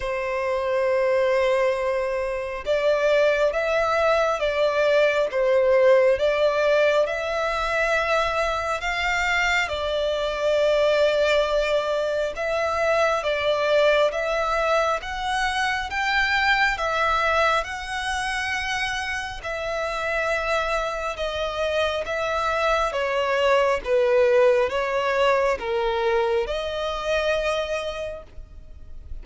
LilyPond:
\new Staff \with { instrumentName = "violin" } { \time 4/4 \tempo 4 = 68 c''2. d''4 | e''4 d''4 c''4 d''4 | e''2 f''4 d''4~ | d''2 e''4 d''4 |
e''4 fis''4 g''4 e''4 | fis''2 e''2 | dis''4 e''4 cis''4 b'4 | cis''4 ais'4 dis''2 | }